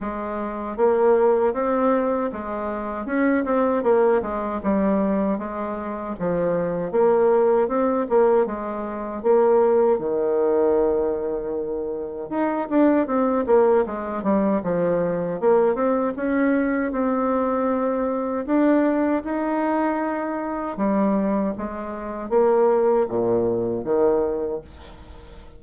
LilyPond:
\new Staff \with { instrumentName = "bassoon" } { \time 4/4 \tempo 4 = 78 gis4 ais4 c'4 gis4 | cis'8 c'8 ais8 gis8 g4 gis4 | f4 ais4 c'8 ais8 gis4 | ais4 dis2. |
dis'8 d'8 c'8 ais8 gis8 g8 f4 | ais8 c'8 cis'4 c'2 | d'4 dis'2 g4 | gis4 ais4 ais,4 dis4 | }